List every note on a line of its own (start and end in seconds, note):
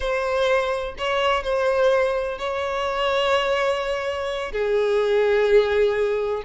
0.00 0.95 C5
0.98 1.43 C#5
1.43 2.38 C5
2.38 4.52 C#5
4.52 6.42 G#4